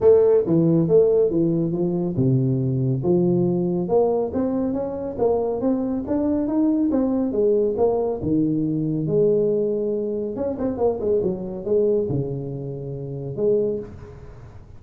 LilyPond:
\new Staff \with { instrumentName = "tuba" } { \time 4/4 \tempo 4 = 139 a4 e4 a4 e4 | f4 c2 f4~ | f4 ais4 c'4 cis'4 | ais4 c'4 d'4 dis'4 |
c'4 gis4 ais4 dis4~ | dis4 gis2. | cis'8 c'8 ais8 gis8 fis4 gis4 | cis2. gis4 | }